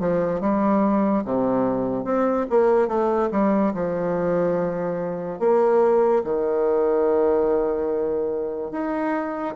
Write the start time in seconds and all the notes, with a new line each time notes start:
0.00 F3
0.41 G3
1.25 C3
2.05 C4
2.50 A#3
2.88 A3
3.32 G3
3.74 F3
5.40 A#3
6.25 D#3
8.72 D#4